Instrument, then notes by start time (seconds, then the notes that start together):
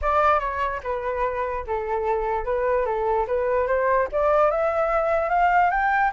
flute
0.01 D5
0.39 C#5
0.83 B4
1.66 A4
2.44 B4
2.85 A4
3.27 B4
3.67 C5
4.12 D5
4.50 E5
5.29 F5
5.70 G5